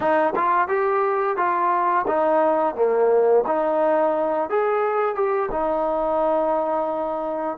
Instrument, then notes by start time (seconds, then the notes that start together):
trombone
0.00 D#4
0.35 F4
0.68 G4
1.36 F4
2.07 D#4
2.75 A#3
3.46 D#4
4.49 G#4
5.15 G4
5.51 D#4